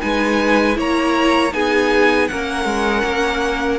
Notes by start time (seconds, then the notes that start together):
0.00 G#3 D#4 B4 G#5
0.75 A#3 E4 C#5 A#5
1.53 B3 D#4 G#4 G#5
2.28 A#3 C#4 A#4 F#5
2.65 G#3
3.04 A#3